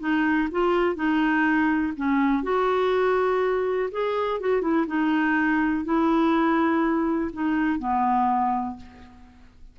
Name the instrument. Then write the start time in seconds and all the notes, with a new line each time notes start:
clarinet
0.00 D#4
0.52 F4
0.96 D#4
1.97 C#4
2.43 F#4
3.92 G#4
4.40 F#4
4.62 E4
4.87 D#4
5.85 E4
7.33 D#4
7.80 B3